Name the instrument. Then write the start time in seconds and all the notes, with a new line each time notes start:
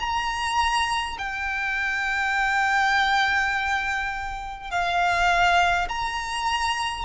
violin
0.00 A#5
1.18 G5
4.71 F5
5.88 A#5